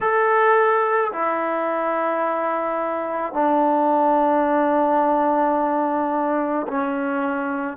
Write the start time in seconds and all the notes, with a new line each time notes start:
0.00 A4
1.12 E4
3.33 D4
6.67 C#4